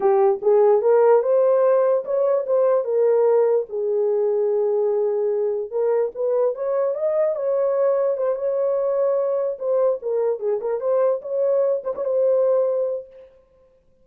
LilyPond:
\new Staff \with { instrumentName = "horn" } { \time 4/4 \tempo 4 = 147 g'4 gis'4 ais'4 c''4~ | c''4 cis''4 c''4 ais'4~ | ais'4 gis'2.~ | gis'2 ais'4 b'4 |
cis''4 dis''4 cis''2 | c''8 cis''2. c''8~ | c''8 ais'4 gis'8 ais'8 c''4 cis''8~ | cis''4 c''16 cis''16 c''2~ c''8 | }